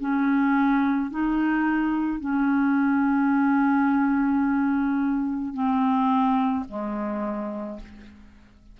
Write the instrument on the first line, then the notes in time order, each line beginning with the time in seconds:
clarinet
0.00 C#4
1.10 D#4
2.20 C#4
5.54 C4
6.68 G#3